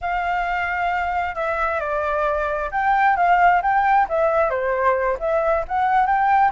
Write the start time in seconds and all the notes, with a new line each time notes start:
0.01 F5
1.35 E5
1.80 D5
2.71 G5
3.16 F5
3.62 G5
4.08 E5
4.49 C5
5.19 E5
5.68 F#5
6.06 G5